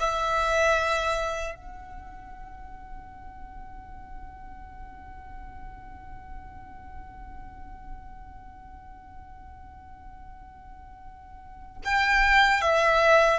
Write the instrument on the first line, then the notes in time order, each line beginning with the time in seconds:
violin
0.00 E5
1.55 F#5
11.85 G5
12.62 E5